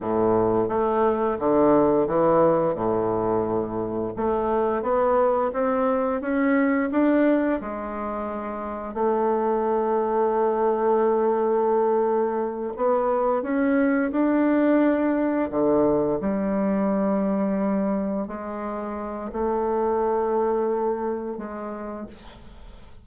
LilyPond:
\new Staff \with { instrumentName = "bassoon" } { \time 4/4 \tempo 4 = 87 a,4 a4 d4 e4 | a,2 a4 b4 | c'4 cis'4 d'4 gis4~ | gis4 a2.~ |
a2~ a8 b4 cis'8~ | cis'8 d'2 d4 g8~ | g2~ g8 gis4. | a2. gis4 | }